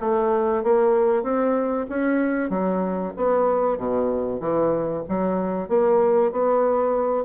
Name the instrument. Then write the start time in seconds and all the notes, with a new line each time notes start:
bassoon
0.00 A3
0.63 A#3
1.23 C4
1.89 C#4
2.49 F#3
3.16 B3
3.78 B2
4.40 E3
5.08 F#3
5.68 A#3
6.32 B3